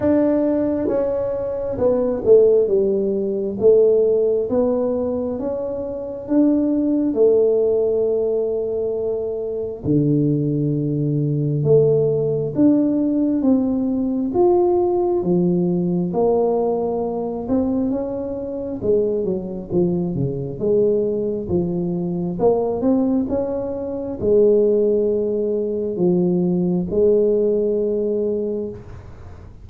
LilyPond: \new Staff \with { instrumentName = "tuba" } { \time 4/4 \tempo 4 = 67 d'4 cis'4 b8 a8 g4 | a4 b4 cis'4 d'4 | a2. d4~ | d4 a4 d'4 c'4 |
f'4 f4 ais4. c'8 | cis'4 gis8 fis8 f8 cis8 gis4 | f4 ais8 c'8 cis'4 gis4~ | gis4 f4 gis2 | }